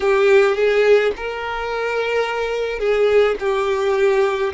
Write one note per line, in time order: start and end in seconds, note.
0.00 0.55 G4
0.55 1.12 G#4
1.16 2.79 A#4
2.79 3.36 G#4
3.40 4.53 G4